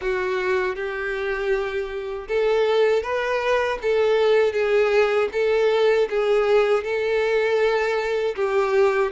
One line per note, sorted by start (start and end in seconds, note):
0.01 0.75 F#4
0.75 2.27 G4
2.28 3.02 A4
3.02 3.78 B4
3.81 4.53 A4
4.53 5.29 G#4
5.32 6.08 A4
6.09 6.83 G#4
6.83 8.35 A4
8.35 9.11 G4